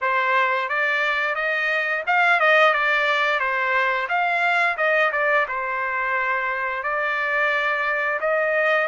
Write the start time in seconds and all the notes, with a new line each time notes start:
0.01 C5
0.68 D5
1.35 D#5
2.06 F5
2.40 D#5
2.73 D5
3.39 C5
4.08 F5
4.77 D#5
5.12 D5
5.48 C5
6.83 D5
8.20 D#5